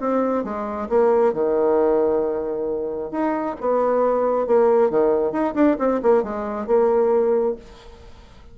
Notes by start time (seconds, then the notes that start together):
0.00 C4
0.44 G#3
0.89 A#3
1.33 D#3
3.11 D#4
3.60 B3
4.47 A#3
4.90 D#3
5.32 D#4
5.54 D4
5.79 C4
6.02 A#3
6.23 G#3
6.67 A#3